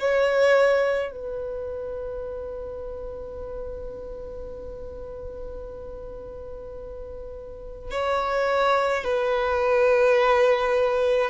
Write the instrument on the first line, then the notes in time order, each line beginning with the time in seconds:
violin
0.00 C#5
1.12 B4
7.91 C#5
9.04 B4